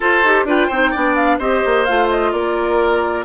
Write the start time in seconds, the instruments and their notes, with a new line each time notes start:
0.00 clarinet F4, bassoon F4, oboe A4, flute C5
0.23 bassoon D#4, clarinet G4
0.44 bassoon D4, clarinet F4, oboe B4, flute G5
0.67 bassoon C4, clarinet D#4, oboe C5
0.91 bassoon B3, clarinet D4, oboe D5
1.15 flute F5
1.38 bassoon C4, clarinet G4, oboe C5, flute D#5
1.65 bassoon A#3
1.85 bassoon A3, clarinet F4, flute F5
2.09 flute D#5
2.32 bassoon A#3, oboe A#4, flute D5